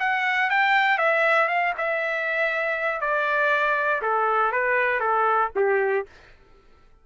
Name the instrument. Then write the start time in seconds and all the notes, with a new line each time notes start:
trumpet
0.00 F#5
0.50 G5
0.98 E5
1.48 F5
1.78 E5
3.01 D5
4.02 A4
4.52 B4
5.01 A4
5.56 G4